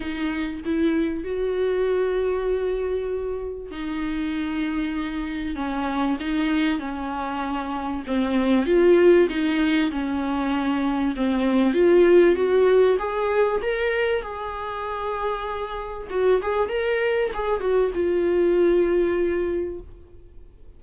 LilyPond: \new Staff \with { instrumentName = "viola" } { \time 4/4 \tempo 4 = 97 dis'4 e'4 fis'2~ | fis'2 dis'2~ | dis'4 cis'4 dis'4 cis'4~ | cis'4 c'4 f'4 dis'4 |
cis'2 c'4 f'4 | fis'4 gis'4 ais'4 gis'4~ | gis'2 fis'8 gis'8 ais'4 | gis'8 fis'8 f'2. | }